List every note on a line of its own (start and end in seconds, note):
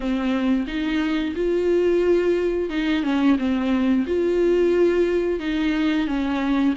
0.00 0.66 C4
0.67 1.34 D#4
1.35 2.69 F4
2.69 3.03 D#4
3.03 3.36 C#4
3.38 4.05 C4
4.06 5.39 F4
5.39 6.07 D#4
6.07 6.74 C#4